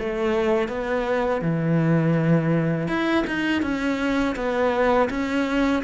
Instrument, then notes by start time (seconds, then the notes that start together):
cello
0.00 A3
0.69 B3
1.42 E3
2.88 E4
3.27 D#4
3.63 C#4
4.36 B3
5.10 C#4